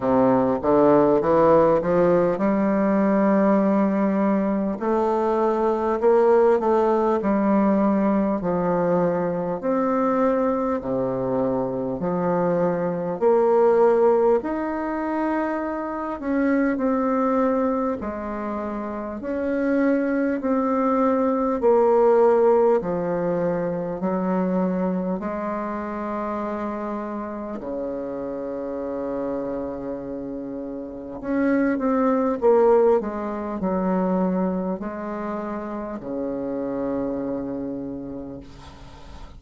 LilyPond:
\new Staff \with { instrumentName = "bassoon" } { \time 4/4 \tempo 4 = 50 c8 d8 e8 f8 g2 | a4 ais8 a8 g4 f4 | c'4 c4 f4 ais4 | dis'4. cis'8 c'4 gis4 |
cis'4 c'4 ais4 f4 | fis4 gis2 cis4~ | cis2 cis'8 c'8 ais8 gis8 | fis4 gis4 cis2 | }